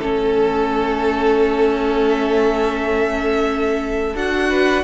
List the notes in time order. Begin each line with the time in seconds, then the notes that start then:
0.00 A3 C#4 A4
2.10 E5
4.16 D4 F#4 F#5
4.49 B4